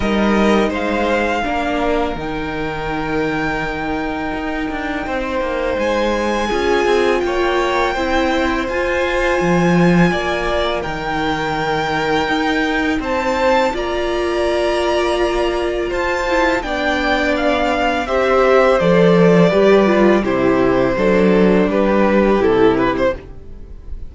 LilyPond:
<<
  \new Staff \with { instrumentName = "violin" } { \time 4/4 \tempo 4 = 83 dis''4 f''2 g''4~ | g''1 | gis''2 g''2 | gis''2. g''4~ |
g''2 a''4 ais''4~ | ais''2 a''4 g''4 | f''4 e''4 d''2 | c''2 b'4 a'8 b'16 c''16 | }
  \new Staff \with { instrumentName = "violin" } { \time 4/4 ais'4 c''4 ais'2~ | ais'2. c''4~ | c''4 gis'4 cis''4 c''4~ | c''2 d''4 ais'4~ |
ais'2 c''4 d''4~ | d''2 c''4 d''4~ | d''4 c''2 b'4 | g'4 a'4 g'2 | }
  \new Staff \with { instrumentName = "viola" } { \time 4/4 dis'2 d'4 dis'4~ | dis'1~ | dis'4 f'2 e'4 | f'2. dis'4~ |
dis'2. f'4~ | f'2~ f'8 e'8 d'4~ | d'4 g'4 a'4 g'8 f'8 | e'4 d'2 e'4 | }
  \new Staff \with { instrumentName = "cello" } { \time 4/4 g4 gis4 ais4 dis4~ | dis2 dis'8 d'8 c'8 ais8 | gis4 cis'8 c'8 ais4 c'4 | f'4 f4 ais4 dis4~ |
dis4 dis'4 c'4 ais4~ | ais2 f'4 b4~ | b4 c'4 f4 g4 | c4 fis4 g4 c4 | }
>>